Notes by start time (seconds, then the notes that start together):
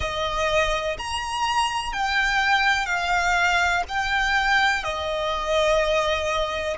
0.00 D#5
0.98 A#5
1.92 G5
2.85 F5
3.88 G5
4.83 D#5